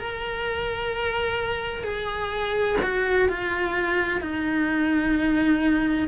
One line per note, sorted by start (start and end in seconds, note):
0.00 1.84 A#4
1.84 2.77 G#4
2.83 3.29 F#4
3.29 4.21 F4
4.21 6.08 D#4